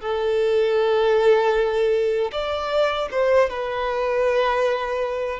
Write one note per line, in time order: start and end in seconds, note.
0.00 2.31 A4
2.32 3.09 D5
3.11 3.49 C5
3.49 5.40 B4